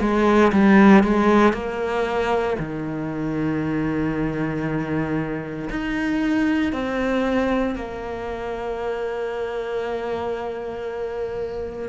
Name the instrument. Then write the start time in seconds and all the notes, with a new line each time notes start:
cello
0.00 G#3
0.52 G3
1.03 G#3
1.53 A#3
2.59 D#3
5.69 D#4
6.72 C4
7.75 A#3